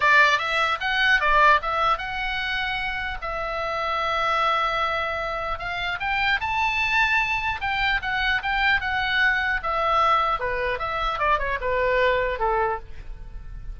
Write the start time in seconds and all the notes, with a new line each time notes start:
0.00 D5
0.38 E5
0.80 F#5
1.20 D5
1.62 E5
1.98 F#5
3.21 E5
5.58 F5
6.00 G5
6.40 A5
7.60 G5
8.02 F#5
8.42 G5
8.80 F#5
9.62 E5
10.39 B4
10.79 E5
11.18 D5
11.38 C#5
11.61 B4
12.39 A4